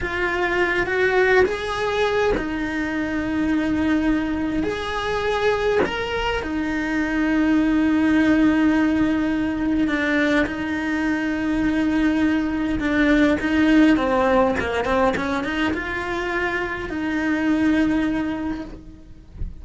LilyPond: \new Staff \with { instrumentName = "cello" } { \time 4/4 \tempo 4 = 103 f'4. fis'4 gis'4. | dis'1 | gis'2 ais'4 dis'4~ | dis'1~ |
dis'4 d'4 dis'2~ | dis'2 d'4 dis'4 | c'4 ais8 c'8 cis'8 dis'8 f'4~ | f'4 dis'2. | }